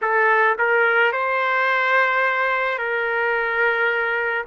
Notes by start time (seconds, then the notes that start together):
0.01 A4
0.58 A#4
1.12 C5
2.78 A#4